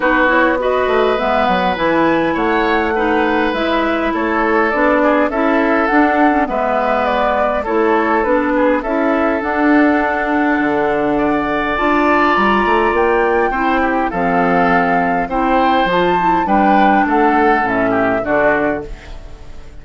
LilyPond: <<
  \new Staff \with { instrumentName = "flute" } { \time 4/4 \tempo 4 = 102 b'8 cis''8 dis''4 e''8 fis''8 gis''4 | fis''2 e''4 cis''4 | d''4 e''4 fis''4 e''4 | d''4 cis''4 b'4 e''4 |
fis''1 | a''4 ais''4 g''2 | f''2 g''4 a''4 | g''4 fis''4 e''4 d''4 | }
  \new Staff \with { instrumentName = "oboe" } { \time 4/4 fis'4 b'2. | cis''4 b'2 a'4~ | a'8 gis'8 a'2 b'4~ | b'4 a'4. gis'8 a'4~ |
a'2. d''4~ | d''2. c''8 g'8 | a'2 c''2 | b'4 a'4. g'8 fis'4 | }
  \new Staff \with { instrumentName = "clarinet" } { \time 4/4 dis'8 e'8 fis'4 b4 e'4~ | e'4 dis'4 e'2 | d'4 e'4 d'8. cis'16 b4~ | b4 e'4 d'4 e'4 |
d'1 | f'2. e'4 | c'2 e'4 f'8 e'8 | d'2 cis'4 d'4 | }
  \new Staff \with { instrumentName = "bassoon" } { \time 4/4 b4. a8 gis8 fis8 e4 | a2 gis4 a4 | b4 cis'4 d'4 gis4~ | gis4 a4 b4 cis'4 |
d'2 d2 | d'4 g8 a8 ais4 c'4 | f2 c'4 f4 | g4 a4 a,4 d4 | }
>>